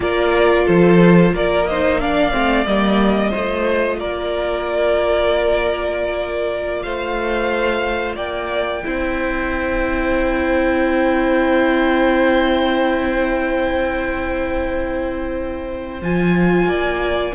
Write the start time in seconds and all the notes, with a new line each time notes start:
0.00 A#3 F4 A#4 D5
0.64 F3 A4 C5
1.32 A#3 A#4 D5
1.66 D#4 C5 D#5
2.00 D4 D5 F5
2.32 A3 C4
2.65 G3 A#3 D#5
3.29 A3 F4 C5
3.99 A#3 A#4 D5
6.82 A3 C5 F5
8.15 A#3 D5 G5
8.83 C4 E4 C5
16.01 F3 F4 G#5
16.65 A#3 D5